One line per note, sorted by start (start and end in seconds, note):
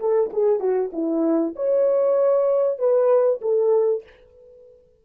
0.00 0.31 A4
0.33 0.60 G#4
0.60 0.91 F#4
0.93 1.55 E4
1.56 2.79 C#5
2.79 3.41 B4
3.42 4.04 A4